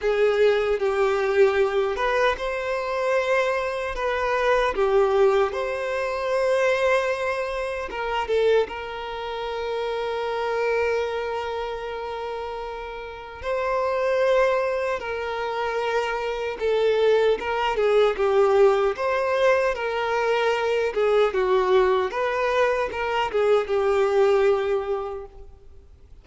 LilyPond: \new Staff \with { instrumentName = "violin" } { \time 4/4 \tempo 4 = 76 gis'4 g'4. b'8 c''4~ | c''4 b'4 g'4 c''4~ | c''2 ais'8 a'8 ais'4~ | ais'1~ |
ais'4 c''2 ais'4~ | ais'4 a'4 ais'8 gis'8 g'4 | c''4 ais'4. gis'8 fis'4 | b'4 ais'8 gis'8 g'2 | }